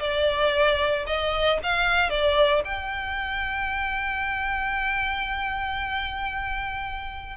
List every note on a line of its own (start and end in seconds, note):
0.00 1.05 D5
1.06 1.59 D#5
1.63 2.10 F5
2.10 2.63 D5
2.65 7.37 G5